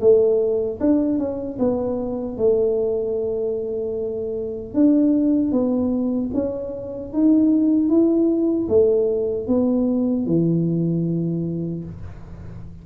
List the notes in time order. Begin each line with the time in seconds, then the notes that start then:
0.00 A3
0.80 D4
1.18 C#4
1.59 B3
2.37 A3
4.73 D4
5.51 B3
6.33 C#4
7.13 D#4
7.88 E4
8.68 A3
9.47 B3
10.26 E3